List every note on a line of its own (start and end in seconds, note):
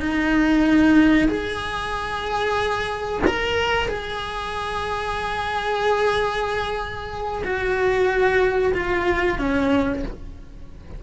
0.00 1.28 D#4
1.28 3.22 G#4
3.26 3.88 A#4
3.88 7.43 G#4
7.44 8.73 F#4
8.74 9.38 F4
9.38 10.03 C#4